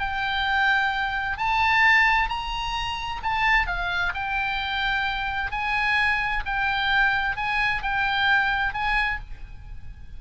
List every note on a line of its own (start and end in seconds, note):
0.00 1.38 G5
1.38 2.30 A5
2.30 3.22 A#5
3.23 3.67 A5
3.67 4.13 F5
4.14 5.52 G5
5.52 6.44 G#5
6.46 7.37 G5
7.37 7.83 G#5
7.83 8.74 G5
8.74 9.20 G#5